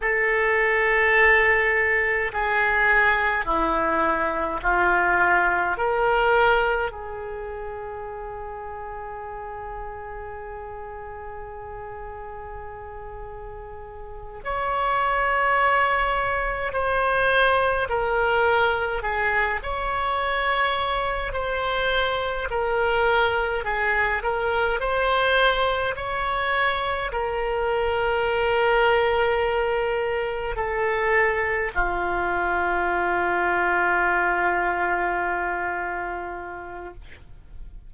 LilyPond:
\new Staff \with { instrumentName = "oboe" } { \time 4/4 \tempo 4 = 52 a'2 gis'4 e'4 | f'4 ais'4 gis'2~ | gis'1~ | gis'8 cis''2 c''4 ais'8~ |
ais'8 gis'8 cis''4. c''4 ais'8~ | ais'8 gis'8 ais'8 c''4 cis''4 ais'8~ | ais'2~ ais'8 a'4 f'8~ | f'1 | }